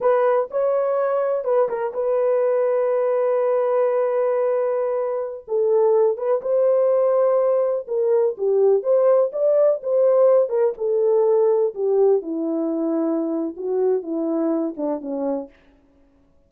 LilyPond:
\new Staff \with { instrumentName = "horn" } { \time 4/4 \tempo 4 = 124 b'4 cis''2 b'8 ais'8 | b'1~ | b'2.~ b'16 a'8.~ | a'8. b'8 c''2~ c''8.~ |
c''16 ais'4 g'4 c''4 d''8.~ | d''16 c''4. ais'8 a'4.~ a'16~ | a'16 g'4 e'2~ e'8. | fis'4 e'4. d'8 cis'4 | }